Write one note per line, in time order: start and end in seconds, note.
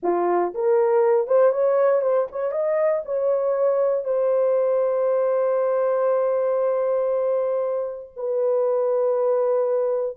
0.02 0.53 F4
0.54 1.27 A#4
1.27 1.51 C5
1.51 2.01 C#5
2.01 2.27 C5
2.31 2.51 C#5
2.51 3.02 D#5
3.05 4.04 C#5
4.04 8.11 C5
8.16 10.16 B4